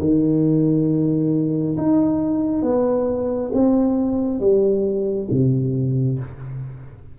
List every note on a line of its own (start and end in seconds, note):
0.00 1.76 D#3
1.78 2.63 D#4
2.63 3.51 B3
3.54 4.40 C4
4.40 5.29 G3
5.31 6.19 C3